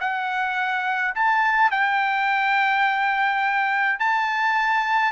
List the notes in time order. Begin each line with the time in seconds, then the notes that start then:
0.00 F#5
1.15 A5
1.71 G5
3.99 A5